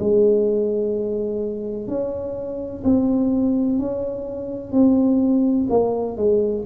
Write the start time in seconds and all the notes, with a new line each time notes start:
0.00 G#3
1.88 C#4
2.84 C4
3.79 C#4
4.72 C4
5.70 A#3
6.17 G#3